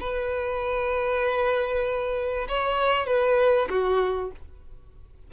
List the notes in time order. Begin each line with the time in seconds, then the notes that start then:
0.00 B4
2.48 C#5
3.06 B4
3.69 F#4